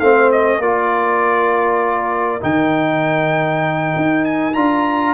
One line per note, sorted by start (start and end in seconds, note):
0.00 0.59 A3
0.00 0.62 C4
0.00 0.60 C5
0.00 0.31 F5
0.32 0.62 D#5
0.59 2.41 A#3
0.59 2.41 F4
0.59 5.14 A#4
0.59 2.43 D5
2.41 3.95 D#3
2.41 4.53 D#4
2.41 4.25 G5
3.96 4.56 D#4
4.25 4.54 G#5
4.54 5.14 D4
4.54 5.14 F4
4.54 5.14 A#5